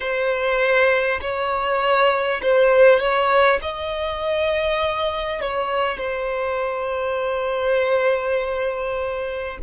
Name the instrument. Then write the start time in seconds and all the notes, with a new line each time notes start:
violin
0.00 C5
1.21 C#5
2.42 C5
2.99 C#5
3.62 D#5
5.41 C#5
5.97 C5